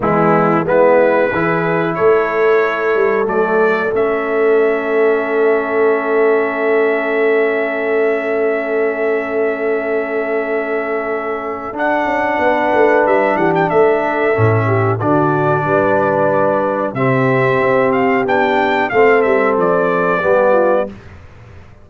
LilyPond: <<
  \new Staff \with { instrumentName = "trumpet" } { \time 4/4 \tempo 4 = 92 e'4 b'2 cis''4~ | cis''4 d''4 e''2~ | e''1~ | e''1~ |
e''2 fis''2 | e''8 fis''16 g''16 e''2 d''4~ | d''2 e''4. f''8 | g''4 f''8 e''8 d''2 | }
  \new Staff \with { instrumentName = "horn" } { \time 4/4 b4 e'4 gis'4 a'4~ | a'1~ | a'1~ | a'1~ |
a'2. b'4~ | b'8 g'8 a'4. g'8 fis'4 | b'2 g'2~ | g'4 a'2 g'8 f'8 | }
  \new Staff \with { instrumentName = "trombone" } { \time 4/4 gis4 b4 e'2~ | e'4 a4 cis'2~ | cis'1~ | cis'1~ |
cis'2 d'2~ | d'2 cis'4 d'4~ | d'2 c'2 | d'4 c'2 b4 | }
  \new Staff \with { instrumentName = "tuba" } { \time 4/4 e4 gis4 e4 a4~ | a8 g8 fis4 a2~ | a1~ | a1~ |
a2 d'8 cis'8 b8 a8 | g8 e8 a4 a,4 d4 | g2 c4 c'4 | b4 a8 g8 f4 g4 | }
>>